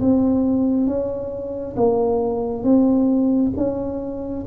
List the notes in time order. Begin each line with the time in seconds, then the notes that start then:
0.00 C4
0.87 C#4
1.76 A#3
2.63 C4
3.57 C#4